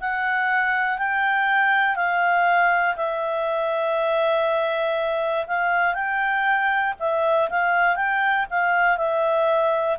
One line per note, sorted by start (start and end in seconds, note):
0.00 0.98 F#5
0.98 1.95 G5
1.95 2.95 F5
2.96 5.46 E5
5.47 5.94 F5
5.94 6.94 G5
7.00 7.50 E5
7.50 7.96 F5
7.96 8.46 G5
8.50 8.97 F5
8.97 9.97 E5